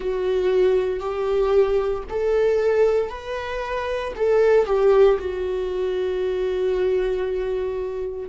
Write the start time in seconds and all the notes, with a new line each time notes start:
0.00 F#4
0.99 G4
2.09 A4
3.09 B4
4.15 A4
4.66 G4
5.18 F#4